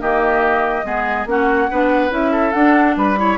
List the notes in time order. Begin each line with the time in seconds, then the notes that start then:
0.00 D#3 A#3 G4 D#5
0.84 G#3 B3 G#4
1.25 A#3 C#4 F#4 F#5
1.70 B3 D4 B4
2.10 C#4 E4 E5
2.32 A4
2.52 D4 F#5
2.96 G3 B4 B5
3.17 E4 C#5